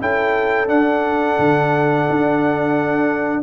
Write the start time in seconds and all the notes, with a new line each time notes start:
0.00 C#4 E4 A4 G5
0.67 D4 F#5
1.39 D3
2.10 D4